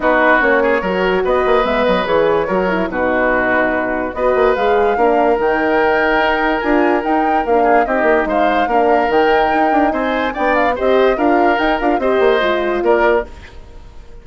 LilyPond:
<<
  \new Staff \with { instrumentName = "flute" } { \time 4/4 \tempo 4 = 145 b'4 cis''2 dis''4 | e''8 dis''8 cis''2 b'4~ | b'2 dis''4 f''4~ | f''4 g''2. |
gis''4 g''4 f''4 dis''4 | f''2 g''2 | gis''4 g''8 f''8 dis''4 f''4 | g''8 f''8 dis''2 d''4 | }
  \new Staff \with { instrumentName = "oboe" } { \time 4/4 fis'4. gis'8 ais'4 b'4~ | b'2 ais'4 fis'4~ | fis'2 b'2 | ais'1~ |
ais'2~ ais'8 gis'8 g'4 | c''4 ais'2. | c''4 d''4 c''4 ais'4~ | ais'4 c''2 ais'4 | }
  \new Staff \with { instrumentName = "horn" } { \time 4/4 dis'4 cis'4 fis'2 | b4 gis'4 fis'8 e'8 dis'4~ | dis'2 fis'4 gis'4 | d'4 dis'2. |
f'4 dis'4 d'4 dis'4~ | dis'4 d'4 dis'2~ | dis'4 d'4 g'4 f'4 | dis'8 f'8 g'4 f'2 | }
  \new Staff \with { instrumentName = "bassoon" } { \time 4/4 b4 ais4 fis4 b8 ais8 | gis8 fis8 e4 fis4 b,4~ | b,2 b8 ais8 gis4 | ais4 dis2 dis'4 |
d'4 dis'4 ais4 c'8 ais8 | gis4 ais4 dis4 dis'8 d'8 | c'4 b4 c'4 d'4 | dis'8 d'8 c'8 ais8 gis4 ais4 | }
>>